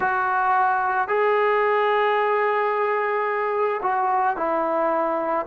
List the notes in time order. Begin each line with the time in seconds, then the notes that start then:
0.00 F#4
1.08 G#4
3.82 F#4
4.36 E4